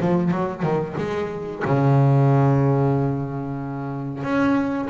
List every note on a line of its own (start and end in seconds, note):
0.00 0.31 F3
0.31 0.63 F#3
0.63 0.95 D#3
0.98 1.63 G#3
1.65 4.23 C#3
4.23 4.88 C#4